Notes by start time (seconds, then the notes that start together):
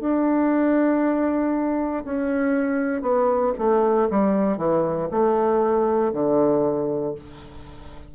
0.00 D4
2.04 C#4
3.01 B3
3.58 A3
4.10 G3
4.57 E3
5.10 A3
6.12 D3